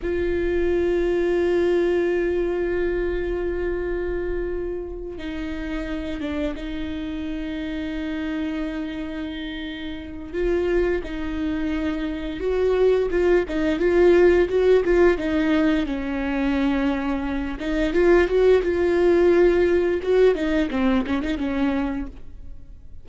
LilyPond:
\new Staff \with { instrumentName = "viola" } { \time 4/4 \tempo 4 = 87 f'1~ | f'2.~ f'8 dis'8~ | dis'4 d'8 dis'2~ dis'8~ | dis'2. f'4 |
dis'2 fis'4 f'8 dis'8 | f'4 fis'8 f'8 dis'4 cis'4~ | cis'4. dis'8 f'8 fis'8 f'4~ | f'4 fis'8 dis'8 c'8 cis'16 dis'16 cis'4 | }